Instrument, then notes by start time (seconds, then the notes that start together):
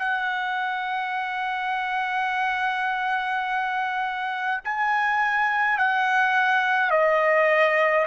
trumpet
0.00 F#5
4.65 G#5
5.78 F#5
6.91 D#5